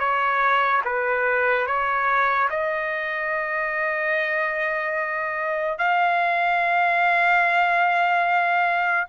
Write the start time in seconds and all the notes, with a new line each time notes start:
0.00 C#5
0.86 B4
1.67 C#5
2.50 D#5
5.79 F5